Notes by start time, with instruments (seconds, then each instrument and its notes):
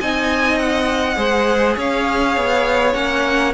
0.00 cello C4, viola D#4, violin D#5 G#5
0.59 violin F#5
1.16 cello G#3, viola G#4, violin C5
1.77 cello C#4, violin C#5 F5
2.37 cello B3
2.94 cello A#3, viola C#4, violin F#5